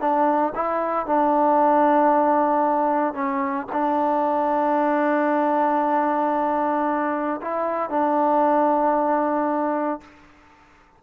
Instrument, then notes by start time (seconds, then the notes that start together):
trombone
0.00 D4
0.55 E4
1.06 D4
3.14 C#4
3.72 D4
7.41 E4
7.90 D4